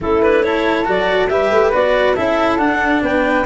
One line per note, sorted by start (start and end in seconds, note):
0.00 0.87 A3
0.00 0.22 C#4
0.00 0.45 E4
0.00 0.22 A4
0.22 0.43 D4
0.22 0.43 B4
0.43 0.84 E4
0.43 1.31 A4
0.43 0.86 C#5
0.84 1.29 F#3
0.84 1.28 F#4
0.84 1.29 D5
1.29 1.50 G3
1.29 1.72 G4
1.29 2.15 B4
1.29 1.72 E5
1.51 1.73 A3
1.72 2.17 B3
1.72 2.15 F#4
1.72 2.15 D5
2.15 2.58 C#4
2.15 2.58 E4
2.15 3.01 A4
2.15 2.58 E5
2.58 3.01 D4
2.58 3.45 D4
2.58 3.01 F#5
3.02 3.45 B3
3.02 3.45 B4
3.02 3.45 G5